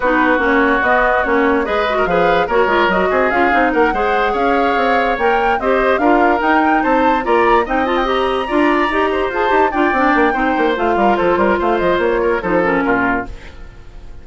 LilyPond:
<<
  \new Staff \with { instrumentName = "flute" } { \time 4/4 \tempo 4 = 145 b'4 cis''4 dis''4 cis''4 | dis''4 f''4 cis''4 dis''4 | f''4 fis''4. f''4.~ | f''8 g''4 dis''4 f''4 g''8~ |
g''8 a''4 ais''4 g''8 a''16 g''16 ais''8~ | ais''2~ ais''8 a''4 g''8~ | g''2 f''4 c''4 | f''8 dis''8 cis''4 c''8 ais'4. | }
  \new Staff \with { instrumentName = "oboe" } { \time 4/4 fis'1 | b'8. ais'16 b'4 ais'4. gis'8~ | gis'4 ais'8 c''4 cis''4.~ | cis''4. c''4 ais'4.~ |
ais'8 c''4 d''4 dis''4.~ | dis''8 d''4. c''4. d''8~ | d''4 c''4. ais'8 a'8 ais'8 | c''4. ais'8 a'4 f'4 | }
  \new Staff \with { instrumentName = "clarinet" } { \time 4/4 dis'4 cis'4 b4 cis'4 | gis'8 fis'8 gis'4 fis'8 f'8 fis'4 | f'8 dis'4 gis'2~ gis'8~ | gis'8 ais'4 g'4 f'4 dis'8~ |
dis'4. f'4 dis'8 f'8 g'8~ | g'8 f'4 g'4 gis'8 g'8 f'8 | d'4 dis'4 f'2~ | f'2 dis'8 cis'4. | }
  \new Staff \with { instrumentName = "bassoon" } { \time 4/4 b4 ais4 b4 ais4 | gis4 f4 ais8 gis8 fis8 c'8 | cis'8 c'8 ais8 gis4 cis'4 c'8~ | c'8 ais4 c'4 d'4 dis'8~ |
dis'8 c'4 ais4 c'4.~ | c'8 d'4 dis'4 f'8 dis'8 d'8 | c'8 ais8 c'8 ais8 a8 g8 f8 g8 | a8 f8 ais4 f4 ais,4 | }
>>